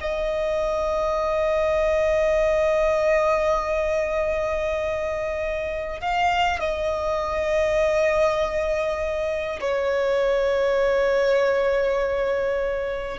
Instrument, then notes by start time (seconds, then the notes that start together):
violin
0.00 D#5
6.00 F5
6.59 D#5
9.61 C#5